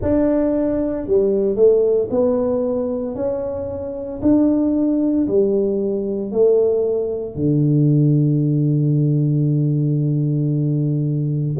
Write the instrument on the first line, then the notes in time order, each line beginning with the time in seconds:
tuba
0.01 D4
1.06 G3
1.55 A3
2.10 B3
3.15 C#4
4.22 D4
5.27 G3
6.32 A3
7.34 D3